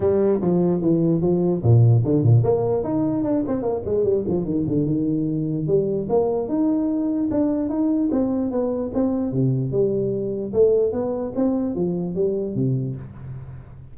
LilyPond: \new Staff \with { instrumentName = "tuba" } { \time 4/4 \tempo 4 = 148 g4 f4 e4 f4 | ais,4 d8 ais,8 ais4 dis'4 | d'8 c'8 ais8 gis8 g8 f8 dis8 d8 | dis2 g4 ais4 |
dis'2 d'4 dis'4 | c'4 b4 c'4 c4 | g2 a4 b4 | c'4 f4 g4 c4 | }